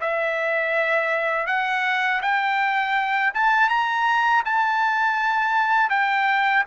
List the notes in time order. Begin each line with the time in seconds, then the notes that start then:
0.00 E5
1.46 F#5
2.22 G5
3.34 A5
3.68 A#5
4.45 A5
5.90 G5